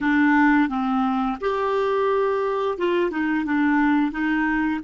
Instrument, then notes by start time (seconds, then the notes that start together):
clarinet
0.01 D4
0.68 C4
1.40 G4
2.77 F4
3.10 D#4
3.45 D4
4.11 D#4